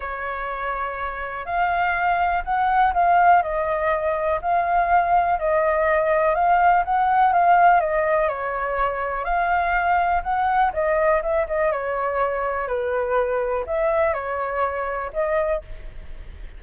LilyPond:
\new Staff \with { instrumentName = "flute" } { \time 4/4 \tempo 4 = 123 cis''2. f''4~ | f''4 fis''4 f''4 dis''4~ | dis''4 f''2 dis''4~ | dis''4 f''4 fis''4 f''4 |
dis''4 cis''2 f''4~ | f''4 fis''4 dis''4 e''8 dis''8 | cis''2 b'2 | e''4 cis''2 dis''4 | }